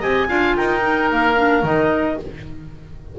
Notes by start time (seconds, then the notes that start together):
0.00 C4 G4 D#5 G#5
0.28 D4 F4 F5
0.56 D#4 A#4 G5
0.80 D#4
1.11 A#3 F5
1.36 D4
1.63 D#3 D#4 D#5